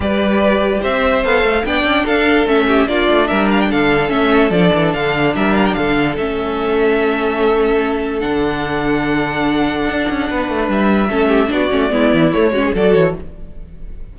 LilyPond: <<
  \new Staff \with { instrumentName = "violin" } { \time 4/4 \tempo 4 = 146 d''2 e''4 f''4 | g''4 f''4 e''4 d''4 | e''8 f''16 g''16 f''4 e''4 d''4 | f''4 e''8 f''16 g''16 f''4 e''4~ |
e''1 | fis''1~ | fis''2 e''2 | d''2 cis''4 d''8 cis''8 | }
  \new Staff \with { instrumentName = "violin" } { \time 4/4 b'2 c''2 | d''4 a'4. g'8 f'4 | ais'4 a'2.~ | a'4 ais'4 a'2~ |
a'1~ | a'1~ | a'4 b'2 a'8 g'8 | fis'4 e'4. fis'16 gis'16 a'4 | }
  \new Staff \with { instrumentName = "viola" } { \time 4/4 g'2. a'4 | d'2 cis'4 d'4~ | d'2 cis'4 d'4~ | d'2. cis'4~ |
cis'1 | d'1~ | d'2. cis'4 | d'8 cis'8 b4 a8 cis'8 fis'4 | }
  \new Staff \with { instrumentName = "cello" } { \time 4/4 g2 c'4 b8 a8 | b8 cis'8 d'4 a4 ais8 a8 | g4 d4 a4 f8 e8 | d4 g4 d4 a4~ |
a1 | d1 | d'8 cis'8 b8 a8 g4 a4 | b8 a8 gis8 e8 a8 gis8 fis8 e8 | }
>>